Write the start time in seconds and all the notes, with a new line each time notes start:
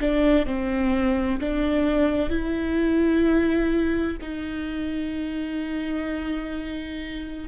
0.00 D4
0.46 C4
1.40 D4
2.29 E4
4.21 D#4